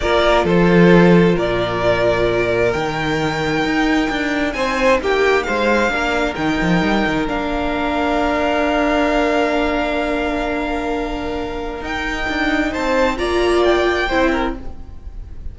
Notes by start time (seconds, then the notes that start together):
0.00 A#3 F4 A#4 D5
0.44 F3 A4 C5
1.35 A#2 A#4 D5
2.72 D#3 D#4 G5
3.64 D#4
4.10 D4
4.52 C4 C5 G#5
5.00 A#3 G4 G5
5.43 G#3 C5 F5
5.88 A#3 D4
5.94 A#4
6.35 D#3 D#4 G5
6.61 F3
6.81 G3
7.06 D#3
7.27 A#3 D4 F5
11.80 D#4 G5
12.28 D4
12.71 C4 C5 A5
13.17 A#3 F4 D5 A#5
13.64 G5
14.08 C4 E4 C5
14.31 A#4